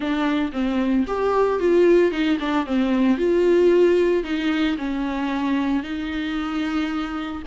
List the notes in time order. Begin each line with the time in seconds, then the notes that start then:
0.00 D4
0.52 C4
1.07 G4
1.59 F4
2.11 D#4
2.39 D4
2.65 C4
3.17 F4
4.23 D#4
4.77 C#4
5.83 D#4